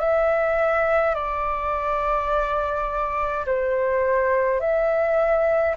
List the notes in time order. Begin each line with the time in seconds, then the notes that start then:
0.00 E5
1.15 D5
3.46 C5
4.60 E5